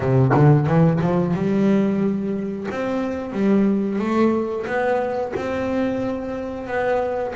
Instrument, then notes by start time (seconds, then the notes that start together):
double bass
0.00 C3
0.34 D3
0.66 E3
1.00 F3
1.34 G3
2.70 C4
3.32 G3
3.98 A3
4.66 B3
5.36 C4
6.67 B3